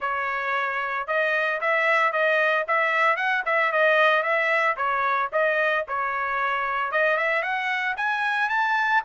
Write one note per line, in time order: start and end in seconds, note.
0.00 1.07 C#5
1.07 1.60 D#5
1.60 2.12 E5
2.12 2.65 D#5
2.67 3.16 E5
3.16 3.42 F#5
3.45 3.71 E5
3.71 4.22 D#5
4.22 4.75 E5
4.76 5.30 C#5
5.32 5.85 D#5
5.87 6.91 C#5
6.91 7.17 D#5
7.17 7.42 E5
7.42 7.95 F#5
7.96 8.49 G#5
8.49 9.02 A5